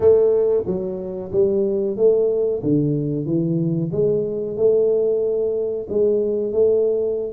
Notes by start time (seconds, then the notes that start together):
0.00 A3
0.66 F#3
1.32 G3
1.96 A3
2.62 D3
3.25 E3
3.92 G#3
4.57 A3
5.89 G#3
6.52 A3